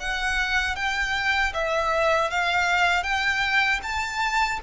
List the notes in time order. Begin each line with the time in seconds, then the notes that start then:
0.00 F#5
0.76 G5
1.54 E5
2.31 F5
3.03 G5
3.83 A5